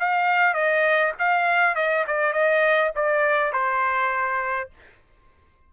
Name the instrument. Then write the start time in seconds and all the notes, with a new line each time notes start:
trumpet
0.00 F5
0.54 D#5
1.19 F5
1.75 D#5
2.07 D5
2.33 D#5
2.96 D5
3.53 C5